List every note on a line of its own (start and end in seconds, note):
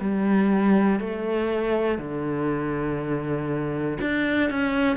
0.00 1.00 G3
1.00 1.98 A3
1.98 3.98 D3
4.01 4.50 D4
4.50 4.97 C#4